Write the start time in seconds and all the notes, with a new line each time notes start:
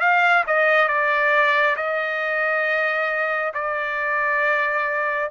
0.00 F5
0.47 D#5
0.88 D5
1.76 D#5
3.54 D5